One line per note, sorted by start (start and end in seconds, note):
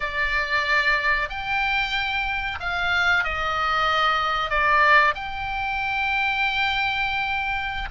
0.00 1.29 D5
1.29 2.58 G5
2.60 3.24 F5
3.24 4.50 D#5
4.50 5.14 D5
5.14 7.89 G5